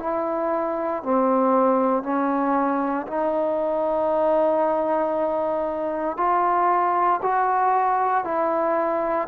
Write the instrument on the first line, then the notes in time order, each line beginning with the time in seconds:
trombone
0.00 E4
1.03 C4
2.04 C#4
3.08 D#4
6.17 F4
7.23 F#4
8.25 E4